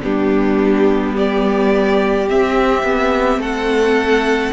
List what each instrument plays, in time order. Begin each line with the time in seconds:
0.00 cello G3, viola B3, violin D4 G4
1.15 violin G4 D5
2.28 viola C4, cello C4, violin E5
2.83 cello B3
3.37 cello A3, violin A4 F#5